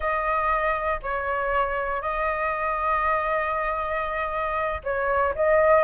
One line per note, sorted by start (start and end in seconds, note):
0.00 1.00 D#5
1.02 2.01 C#5
2.01 4.81 D#5
4.83 5.34 C#5
5.35 5.83 D#5